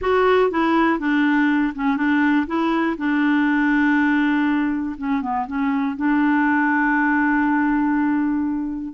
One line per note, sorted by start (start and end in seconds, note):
0.01 0.50 F#4
0.50 0.99 E4
0.99 1.73 D4
1.75 1.96 C#4
1.96 2.46 D4
2.46 2.96 E4
2.97 4.95 D4
4.97 5.21 C#4
5.21 5.46 B3
5.46 5.96 C#4
5.96 8.93 D4